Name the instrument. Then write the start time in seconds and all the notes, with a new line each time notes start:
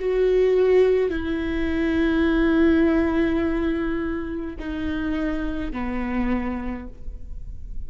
viola
0.00 F#4
1.11 E4
4.59 D#4
5.73 B3